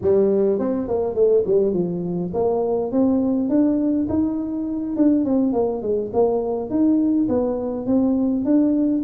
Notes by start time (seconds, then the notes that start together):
0.01 G3
0.59 C4
0.87 A#3
1.15 A3
1.46 G3
1.73 F3
2.33 A#3
2.91 C4
3.49 D4
4.09 D#4
4.96 D4
5.24 C4
5.52 A#3
5.82 G#3
6.13 A#3
6.69 D#4
7.28 B3
7.86 C4
8.44 D4